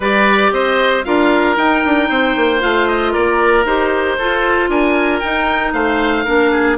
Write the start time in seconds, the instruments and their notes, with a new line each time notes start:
0.00 bassoon G3, clarinet G4, oboe B4 D5
0.51 bassoon C4, oboe C5 D#5
1.04 bassoon D4, clarinet F4, oboe A#4 F5
1.56 clarinet D#4, bassoon D#4, oboe G5
1.84 bassoon D4
2.09 bassoon C4, oboe C5
2.36 bassoon A#3
2.59 bassoon A3, clarinet F4, oboe F5
2.87 oboe D#5
3.12 bassoon A#3, oboe A#4 D5
3.65 bassoon D#4, clarinet G4, oboe C5
4.17 clarinet F4, bassoon F4, oboe A4
4.69 bassoon D4, oboe A#4 G#5
5.20 clarinet D#4, bassoon D#4, oboe G5
5.73 bassoon A3, oboe C5 F5
6.24 bassoon A#3, clarinet D4, oboe A#4
6.51 oboe G#4